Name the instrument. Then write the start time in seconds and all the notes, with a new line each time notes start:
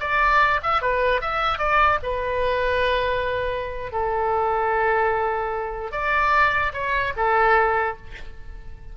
oboe
0.00 D5
0.62 E5
0.81 B4
1.21 E5
1.58 D5
2.03 B4
3.92 A4
5.92 D5
6.73 C#5
7.16 A4